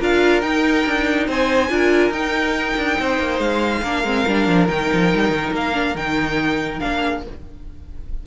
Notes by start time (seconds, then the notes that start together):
0.00 D4 F4 A#4 F5
0.42 D#4 G5
0.87 D4
1.28 C4 C5 G#5
1.70 D4 F4 A#4
2.11 D#4 G5
2.77 D4
3.00 C4 C5
3.20 A#3
3.40 G#3 F5
3.83 A#3 D4 A#4
4.04 G#3 C4
4.28 G3 D4
4.48 F3
4.69 D#3 D#4 G5
4.94 F3
5.15 G3
5.30 D#3
5.52 A#3 F5
5.74 D4
5.95 D#3 D#4 G5
6.80 A#3 D4 F5
7.01 G#4